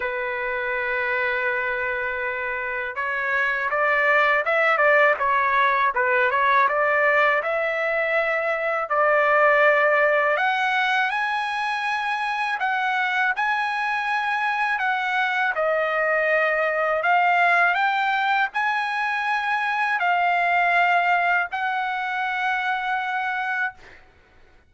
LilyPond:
\new Staff \with { instrumentName = "trumpet" } { \time 4/4 \tempo 4 = 81 b'1 | cis''4 d''4 e''8 d''8 cis''4 | b'8 cis''8 d''4 e''2 | d''2 fis''4 gis''4~ |
gis''4 fis''4 gis''2 | fis''4 dis''2 f''4 | g''4 gis''2 f''4~ | f''4 fis''2. | }